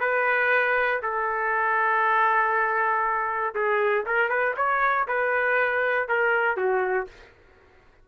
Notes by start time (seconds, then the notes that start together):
0.00 B4
1.02 A4
3.55 G#4
4.06 A#4
4.29 B4
4.57 C#5
5.08 B4
6.08 A#4
6.57 F#4